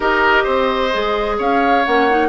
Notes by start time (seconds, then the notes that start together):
0.00 D#4 G4 A#4 D#5
0.43 C4 C5
0.92 G#3 G#4
1.38 C#4 C#5 F5
1.85 A#3 C#4 F#5
2.10 D#4